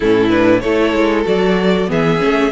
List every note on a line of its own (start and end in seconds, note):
0.00 0.62 A2
0.00 0.30 C#4
0.00 0.62 E4
0.00 0.30 A4
0.30 0.61 D4
0.30 0.60 B4
0.60 0.93 A3
0.60 1.25 E4
0.60 1.89 A4
0.60 1.23 C#5
0.93 1.24 G#3
1.25 1.89 F#3
1.25 1.87 F#4
1.25 1.90 D5
1.87 2.20 E3
1.87 2.18 B3
1.87 2.52 G#4
1.87 2.52 E5
2.18 2.52 A3
2.18 2.50 C#4